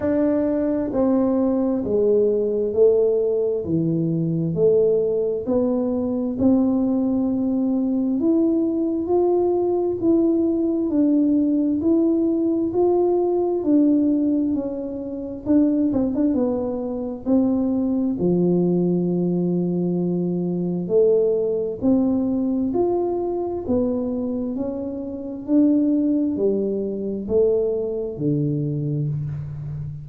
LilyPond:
\new Staff \with { instrumentName = "tuba" } { \time 4/4 \tempo 4 = 66 d'4 c'4 gis4 a4 | e4 a4 b4 c'4~ | c'4 e'4 f'4 e'4 | d'4 e'4 f'4 d'4 |
cis'4 d'8 c'16 d'16 b4 c'4 | f2. a4 | c'4 f'4 b4 cis'4 | d'4 g4 a4 d4 | }